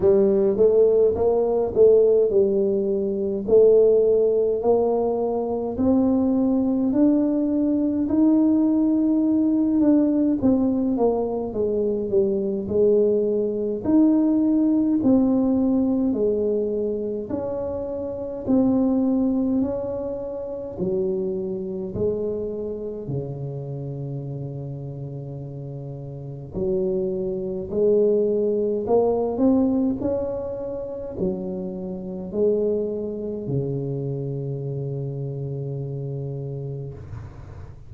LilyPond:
\new Staff \with { instrumentName = "tuba" } { \time 4/4 \tempo 4 = 52 g8 a8 ais8 a8 g4 a4 | ais4 c'4 d'4 dis'4~ | dis'8 d'8 c'8 ais8 gis8 g8 gis4 | dis'4 c'4 gis4 cis'4 |
c'4 cis'4 fis4 gis4 | cis2. fis4 | gis4 ais8 c'8 cis'4 fis4 | gis4 cis2. | }